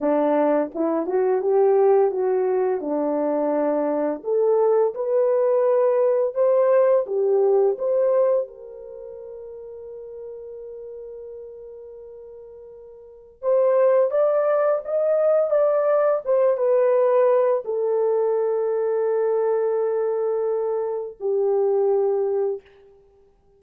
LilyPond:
\new Staff \with { instrumentName = "horn" } { \time 4/4 \tempo 4 = 85 d'4 e'8 fis'8 g'4 fis'4 | d'2 a'4 b'4~ | b'4 c''4 g'4 c''4 | ais'1~ |
ais'2. c''4 | d''4 dis''4 d''4 c''8 b'8~ | b'4 a'2.~ | a'2 g'2 | }